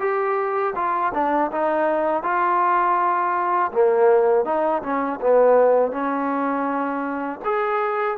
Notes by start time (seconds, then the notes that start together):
0.00 G4
0.76 F4
1.14 D4
1.52 D#4
2.23 F4
3.72 A#3
4.45 D#4
4.83 C#4
5.21 B3
5.92 C#4
7.45 G#4